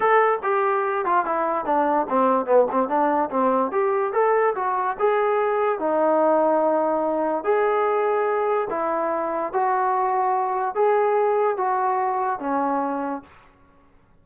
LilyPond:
\new Staff \with { instrumentName = "trombone" } { \time 4/4 \tempo 4 = 145 a'4 g'4. f'8 e'4 | d'4 c'4 b8 c'8 d'4 | c'4 g'4 a'4 fis'4 | gis'2 dis'2~ |
dis'2 gis'2~ | gis'4 e'2 fis'4~ | fis'2 gis'2 | fis'2 cis'2 | }